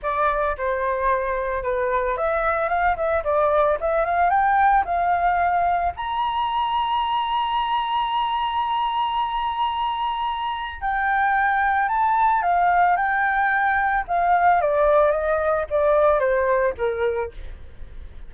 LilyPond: \new Staff \with { instrumentName = "flute" } { \time 4/4 \tempo 4 = 111 d''4 c''2 b'4 | e''4 f''8 e''8 d''4 e''8 f''8 | g''4 f''2 ais''4~ | ais''1~ |
ais''1 | g''2 a''4 f''4 | g''2 f''4 d''4 | dis''4 d''4 c''4 ais'4 | }